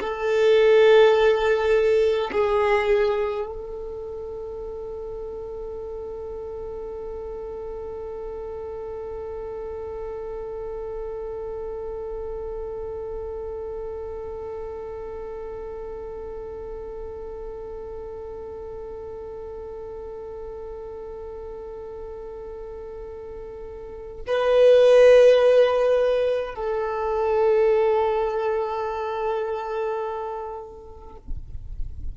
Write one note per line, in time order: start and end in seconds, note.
0.00 2.31 A4
2.31 3.46 G#4
3.46 24.23 A4
24.27 26.54 B4
26.54 31.16 A4